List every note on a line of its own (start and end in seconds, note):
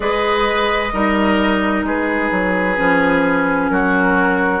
0.00 0.92 G#3
0.00 0.90 G#4
0.00 0.93 B4
0.00 1.84 D#5
0.93 1.83 G3
0.93 2.76 D#4
0.93 1.85 A#4
1.83 2.29 G#3
1.83 3.71 G#4
1.83 3.69 B4
2.31 2.77 F#3
2.76 3.70 F3
2.76 4.60 C#4
3.69 4.60 F#3
3.69 4.60 F#4
3.69 4.60 A#4